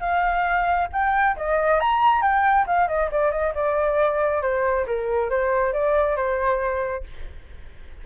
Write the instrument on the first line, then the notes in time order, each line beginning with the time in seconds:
flute
0.00 F5
0.92 G5
1.37 D#5
1.80 A#5
2.22 G5
2.67 F5
2.88 D#5
3.11 D5
3.31 D#5
3.54 D5
4.42 C5
4.87 A#4
5.30 C5
5.73 D5
6.16 C5